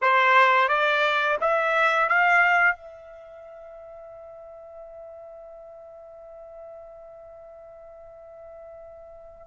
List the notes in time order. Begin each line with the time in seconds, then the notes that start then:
0.01 C5
0.68 D5
1.40 E5
2.08 F5
2.76 E5